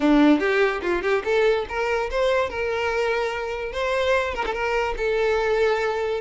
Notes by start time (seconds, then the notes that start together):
0.00 D4
0.39 G4
0.82 F4
1.02 G4
1.24 A4
1.68 A#4
2.10 C5
2.49 A#4
3.72 C5
4.34 A#4
4.45 A4
4.53 A#4
4.97 A4